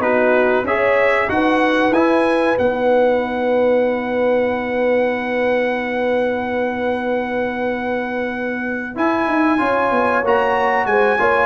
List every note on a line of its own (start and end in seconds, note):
0.00 0.64 B3
0.00 0.64 D#4
0.00 0.67 F#4
0.00 0.66 B4
0.64 1.28 C#4
0.64 1.29 G#4
0.64 1.31 C#5
0.64 1.30 E5
1.29 1.91 D#4
1.29 1.93 F#4
1.29 9.60 B4
1.29 1.94 F#5
1.91 2.55 E4
1.91 2.58 E4
1.91 2.58 G#5
2.58 8.97 B3
2.58 8.96 D#4
2.58 8.97 F#5
8.96 9.59 E4
8.96 9.28 E4
8.96 10.26 G#5
9.28 9.60 D#4
9.59 9.92 C#4
9.59 10.23 F4
9.59 10.88 C#5
9.92 10.24 B3
10.24 10.87 A#3
10.24 11.20 F#4
10.24 10.86 A#5
10.86 11.18 G#3
10.86 11.20 C5
10.86 11.47 G#5
11.20 11.47 A#3
11.20 11.47 F4
11.20 11.47 C#5